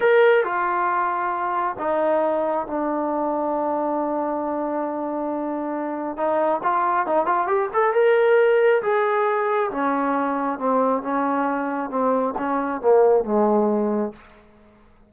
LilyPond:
\new Staff \with { instrumentName = "trombone" } { \time 4/4 \tempo 4 = 136 ais'4 f'2. | dis'2 d'2~ | d'1~ | d'2 dis'4 f'4 |
dis'8 f'8 g'8 a'8 ais'2 | gis'2 cis'2 | c'4 cis'2 c'4 | cis'4 ais4 gis2 | }